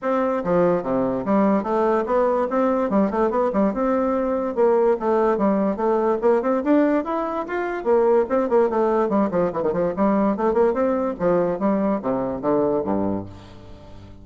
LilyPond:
\new Staff \with { instrumentName = "bassoon" } { \time 4/4 \tempo 4 = 145 c'4 f4 c4 g4 | a4 b4 c'4 g8 a8 | b8 g8 c'2 ais4 | a4 g4 a4 ais8 c'8 |
d'4 e'4 f'4 ais4 | c'8 ais8 a4 g8 f8 e16 dis16 f8 | g4 a8 ais8 c'4 f4 | g4 c4 d4 g,4 | }